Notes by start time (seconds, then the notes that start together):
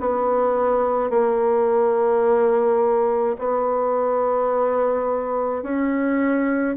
0.00 B3
1.10 A#3
3.38 B3
5.63 C#4